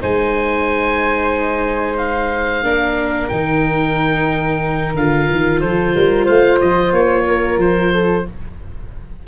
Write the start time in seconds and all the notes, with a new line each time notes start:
0.00 G#3 D#4 C5 G#5
1.97 F5
2.62 A#3 D4 A#4
3.28 D#3 D#4 G5
4.94 D3 F4 F5
5.31 D#3
5.60 F3 A4 C5
5.95 G3 A#4
6.24 A3 C5 F5
6.60 F3 D#5
6.92 A#3 C#5
7.27 A#4
7.57 F3 C5
7.92 A4